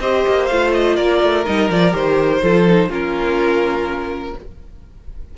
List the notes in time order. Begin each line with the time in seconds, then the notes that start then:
0.00 C4 G4 C5 D#5
0.28 A#3
0.46 A3 F4 F5
0.74 D#5
0.96 A#3 A#4 D5
1.22 A3
1.46 G3 D#4 D#5
1.70 F3 F4 D5
1.91 D#3 G4 C5
2.42 F3 F4 A4
2.67 D#4
2.89 A#3 C#4 F4 A#4